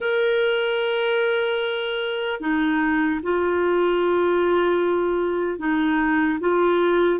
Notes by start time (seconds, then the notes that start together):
0.00 A#4
2.40 D#4
3.22 F4
5.59 D#4
6.40 F4